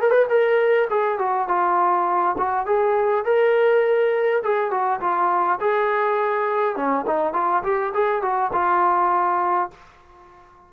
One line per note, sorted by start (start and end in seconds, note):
0.00 0.11 A#4
0.11 0.25 B4
0.29 0.88 A#4
0.90 1.18 G#4
1.18 1.48 F#4
1.48 2.36 F4
2.38 2.66 F#4
2.66 3.25 G#4
3.25 4.42 A#4
4.43 4.71 G#4
4.71 5.00 F#4
5.00 5.59 F4
5.60 6.76 G#4
6.76 7.05 C#4
7.07 7.33 D#4
7.33 7.63 F4
7.63 7.93 G4
7.94 8.22 G#4
8.22 8.51 F#4
8.53 9.70 F4